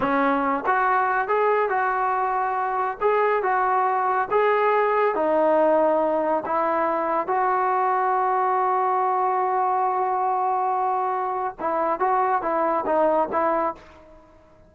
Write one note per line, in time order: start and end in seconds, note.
0.00 0.64 C#4
0.66 1.28 F#4
1.28 1.69 G#4
1.69 2.97 F#4
3.01 3.42 G#4
3.42 4.28 F#4
4.30 5.15 G#4
5.15 6.43 D#4
6.45 7.27 E4
7.27 11.55 F#4
11.59 11.99 E4
11.99 12.41 F#4
12.41 12.84 E4
12.86 13.28 D#4
13.31 13.74 E4